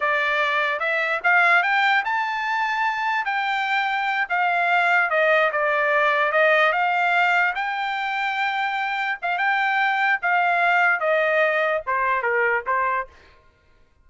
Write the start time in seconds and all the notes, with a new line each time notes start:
0.00 D5
0.79 E5
1.23 F5
1.62 G5
2.04 A5
3.25 G5
4.29 F5
5.09 D#5
5.52 D5
6.32 D#5
6.72 F5
7.55 G5
9.22 F5
9.38 G5
10.22 F5
11.00 D#5
11.86 C5
12.22 A#4
12.66 C5